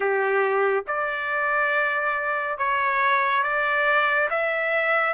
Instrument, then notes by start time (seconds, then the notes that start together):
trumpet
0.00 G4
0.86 D5
2.58 C#5
3.43 D5
4.29 E5